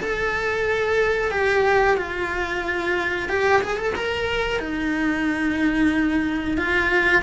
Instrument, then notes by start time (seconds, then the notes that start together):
cello
0.00 A4
1.31 G4
1.97 F4
3.29 G4
3.63 G#4
3.78 A4
3.96 A#4
4.60 D#4
6.58 F4